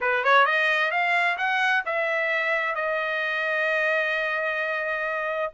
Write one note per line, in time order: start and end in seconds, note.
0.00 0.23 B4
0.23 0.45 C#5
0.45 0.91 D#5
0.91 1.37 F5
1.37 1.83 F#5
1.85 2.75 E5
2.75 5.52 D#5